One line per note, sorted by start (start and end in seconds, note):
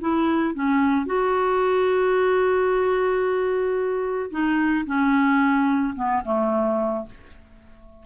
0.00 0.54 E4
0.54 1.06 C#4
1.06 4.30 F#4
4.30 4.85 D#4
4.86 5.94 C#4
5.95 6.22 B3
6.24 7.05 A3